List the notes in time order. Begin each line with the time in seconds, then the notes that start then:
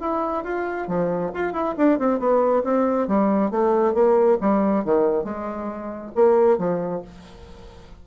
0.00 E4
0.44 F4
0.87 F3
1.34 F4
1.53 E4
1.77 D4
1.98 C4
2.19 B3
2.64 C4
3.08 G3
3.51 A3
3.94 A#3
4.41 G3
4.84 D#3
5.24 G#3
6.15 A#3
6.58 F3